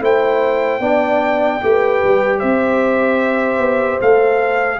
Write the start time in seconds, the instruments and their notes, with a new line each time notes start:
0.00 tuba A3, trombone E4, horn C5, trumpet G5
0.80 tuba B3, trombone D4, horn D5
1.62 tuba A3, trombone G4, horn B4
2.04 tuba G3
2.39 tuba C4, horn C5, trumpet E5
3.59 tuba B3
4.01 tuba A3, trombone A4, trumpet F5